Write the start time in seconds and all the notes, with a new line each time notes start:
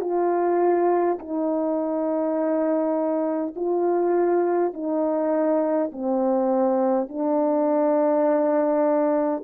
0.00 F4
1.19 D#4
3.56 F4
4.73 D#4
5.92 C4
7.09 D4